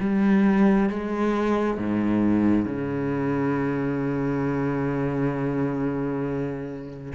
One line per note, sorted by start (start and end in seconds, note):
0.00 0.90 G3
0.90 1.78 G#3
1.78 2.65 G#2
2.65 7.13 C#3